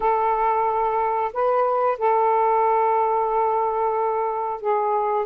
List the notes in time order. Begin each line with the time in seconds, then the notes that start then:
0.00 A4
1.33 B4
1.98 A4
4.60 G#4